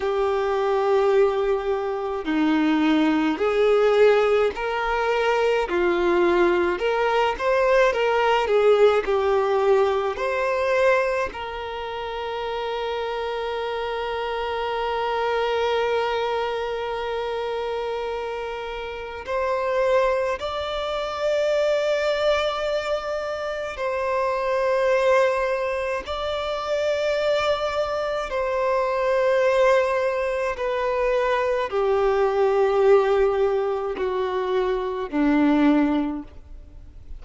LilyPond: \new Staff \with { instrumentName = "violin" } { \time 4/4 \tempo 4 = 53 g'2 dis'4 gis'4 | ais'4 f'4 ais'8 c''8 ais'8 gis'8 | g'4 c''4 ais'2~ | ais'1~ |
ais'4 c''4 d''2~ | d''4 c''2 d''4~ | d''4 c''2 b'4 | g'2 fis'4 d'4 | }